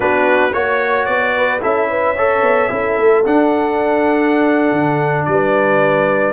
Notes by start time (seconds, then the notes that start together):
0.00 B3 D4 F#4 B4
0.52 A#3 F#4 C#5
1.05 B3 D5
1.36 B4
1.61 C#4 E4 A4 E5
1.89 B4
2.16 A4 C#5
2.42 B3
2.69 C#4 E4 A4
2.97 A3
3.25 D4 F#5
4.72 D3
5.25 G3 B4 D5